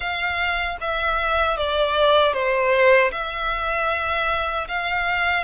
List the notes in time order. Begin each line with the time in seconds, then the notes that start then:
0.00 F5
0.80 E5
1.57 D5
2.33 C5
3.11 E5
4.68 F5